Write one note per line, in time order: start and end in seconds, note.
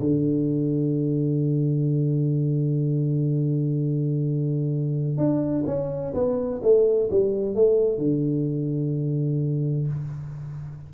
0.00 5.18 D3
5.18 5.65 D4
5.66 6.13 C#4
6.14 6.61 B3
6.63 7.10 A3
7.11 7.55 G3
7.55 7.98 A3
7.98 9.87 D3